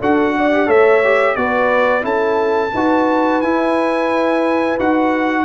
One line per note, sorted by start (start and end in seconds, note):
0.00 0.69 D4
0.00 0.53 F#4
0.00 0.34 A4
0.00 0.70 F#5
0.37 0.68 D5
0.53 0.67 G4
0.67 1.37 A3
0.67 1.01 A4
0.67 1.36 C#5
0.67 1.36 E5
1.05 1.38 G4
1.36 2.05 B3
1.36 2.02 F#4
1.36 2.04 B4
1.36 2.04 D5
2.02 2.73 C#4
2.02 2.70 E4
2.02 2.73 A4
2.02 3.42 A5
2.73 3.42 D#4
2.73 3.44 F#4
2.73 5.45 B4
3.42 4.79 E4
3.42 4.80 E4
3.42 4.78 G#5
4.79 5.45 D#4
4.79 5.45 F#4
4.79 5.45 F#5